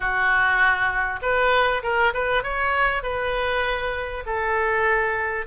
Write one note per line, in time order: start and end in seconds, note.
0.00 1.20 F#4
1.21 1.82 B4
1.82 2.13 A#4
2.13 2.43 B4
2.43 3.02 C#5
3.02 4.24 B4
4.26 5.46 A4